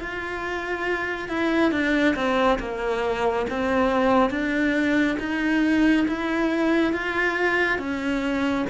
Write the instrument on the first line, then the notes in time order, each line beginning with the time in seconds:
cello
0.00 F4
1.28 E4
1.72 D4
2.15 C4
2.59 A#3
3.50 C4
4.30 D4
5.20 D#4
6.08 E4
6.93 F4
7.79 C#4